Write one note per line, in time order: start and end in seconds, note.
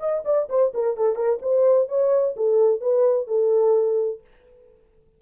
0.00 0.23 D#5
0.26 0.49 D5
0.50 0.73 C5
0.74 0.97 A#4
0.97 1.16 A4
1.16 1.40 A#4
1.42 1.89 C5
1.89 2.36 C#5
2.37 2.81 A4
2.81 3.28 B4
3.28 4.21 A4